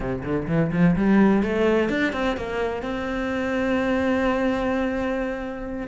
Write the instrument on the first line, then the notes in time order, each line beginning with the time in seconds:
cello
0.00 C3
0.23 D3
0.47 E3
0.72 F3
0.96 G3
1.42 A3
1.89 D4
2.13 C4
2.36 A#3
2.82 C4